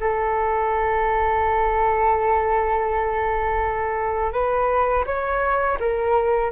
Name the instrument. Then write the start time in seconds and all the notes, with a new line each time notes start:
flute
0.00 A4
4.32 B4
5.06 C#5
5.79 A#4